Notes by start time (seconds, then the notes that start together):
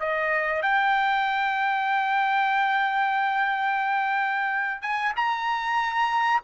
0.00 D#5
0.62 G5
4.82 G#5
5.16 A#5